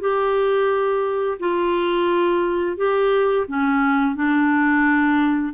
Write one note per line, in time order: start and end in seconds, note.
0.00 1.38 G4
1.39 2.77 F4
2.77 3.46 G4
3.47 4.15 C#4
4.15 5.53 D4